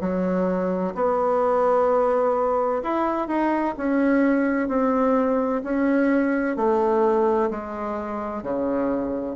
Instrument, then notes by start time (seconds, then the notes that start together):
bassoon
0.00 F#3
0.95 B3
2.83 E4
3.27 D#4
3.77 C#4
4.68 C4
5.63 C#4
6.56 A3
7.50 G#3
8.42 C#3